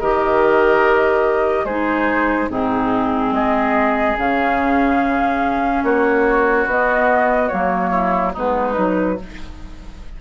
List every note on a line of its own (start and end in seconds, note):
0.00 1.64 D#3
0.00 1.68 G4
0.00 1.65 A#4
0.00 1.65 D#5
1.64 2.48 G#3
1.64 2.50 D#4
1.64 2.49 G#4
1.64 2.49 C5
2.50 3.31 G#2
2.50 4.16 C4
2.50 3.34 D#4
2.50 3.33 G#4
3.31 4.14 G#3
3.31 5.84 G#4
3.31 4.16 D#5
4.17 5.83 C#3
4.17 6.67 C#4
4.17 5.84 F5
5.83 6.66 A#3
5.83 7.90 F#4
5.83 6.67 C#5
6.66 7.49 B3
6.66 7.50 B3
6.66 7.48 D#5
7.48 8.36 F#3
7.48 8.33 A#3
7.48 8.32 C#5
7.90 8.32 E4
8.33 8.77 G#3
8.33 8.73 B3
8.33 9.17 D#4
8.33 9.21 B4
8.73 9.19 F#3
8.73 9.15 D#4